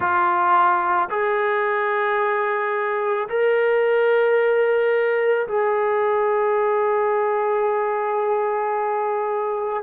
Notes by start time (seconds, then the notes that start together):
0.00 F4
1.10 G#4
3.29 A#4
5.47 G#4